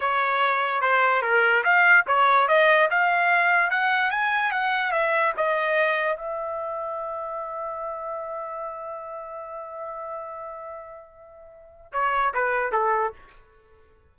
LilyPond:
\new Staff \with { instrumentName = "trumpet" } { \time 4/4 \tempo 4 = 146 cis''2 c''4 ais'4 | f''4 cis''4 dis''4 f''4~ | f''4 fis''4 gis''4 fis''4 | e''4 dis''2 e''4~ |
e''1~ | e''1~ | e''1~ | e''4 cis''4 b'4 a'4 | }